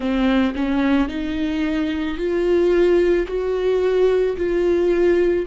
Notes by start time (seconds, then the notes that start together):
0.00 C4
0.55 C#4
1.08 D#4
2.17 F4
3.27 F#4
4.36 F4